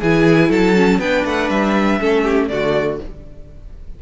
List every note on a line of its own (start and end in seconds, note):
0.00 0.50 E3
0.00 0.76 E4
0.00 0.49 G#4
0.00 0.52 G#5
0.49 0.99 F#3
0.49 0.99 A4
0.49 1.00 A5
0.76 1.01 C#4
0.99 1.24 B3
0.99 2.01 D4
0.99 2.00 B4
0.99 1.25 G5
1.25 1.50 A3
1.25 1.50 F#5
1.50 2.00 G3
1.50 2.49 E5
2.00 2.50 A3
2.00 2.50 C#4
2.00 2.24 A4
2.24 2.49 G4
2.49 3.00 D3
2.49 3.00 A3
2.49 3.02 F#4
2.49 2.99 D5